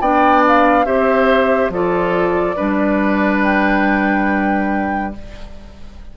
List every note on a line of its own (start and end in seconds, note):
0.00 0.85 B3
0.00 0.85 D4
0.00 0.85 D5
0.00 0.43 G5
0.47 0.85 F5
0.85 1.69 C4
0.85 1.71 G4
0.85 1.71 C5
0.85 1.71 E5
1.69 2.54 F3
1.69 2.56 F4
1.69 2.56 A4
1.69 3.42 D5
2.56 5.16 G3
2.56 5.13 D4
2.56 5.13 B4
3.42 5.13 G5